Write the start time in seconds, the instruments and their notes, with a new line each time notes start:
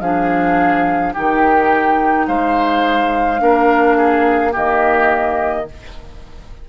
0.00 bassoon F3, clarinet D4, oboe G#4, flute F5
1.13 bassoon D#3, clarinet D#4, oboe G4, flute G5
2.27 bassoon G#3, oboe C5, flute F5
3.38 bassoon A#3, clarinet D4, oboe A#4
3.97 oboe G#4
4.52 bassoon D#3, clarinet A#3, oboe G4, flute D#5